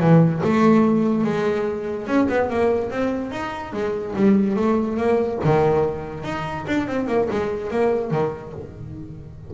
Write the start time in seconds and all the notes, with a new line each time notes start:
0.00 E3
0.44 A3
1.24 G#3
2.07 C#4
2.29 B3
2.50 A#3
2.91 C4
3.32 D#4
3.73 G#3
4.16 G3
4.56 A3
4.97 A#3
5.45 D#3
6.24 D#4
6.68 D4
6.88 C4
7.07 A#3
7.31 G#3
7.71 A#3
8.11 D#3